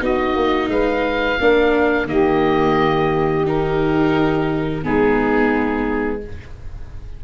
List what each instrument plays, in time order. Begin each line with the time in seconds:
0.00 tuba B3, viola D#4, saxophone F#4, oboe D#5
0.36 tuba A#3
0.69 tuba G#3, saxophone B4, oboe F5
1.40 tuba A#3, viola D4, saxophone A#4
2.06 tuba D#3, viola A#3, saxophone G4, oboe D#5
3.45 viola D#4, oboe A#4
4.83 tuba G#3, viola B3, saxophone D#4, oboe G#4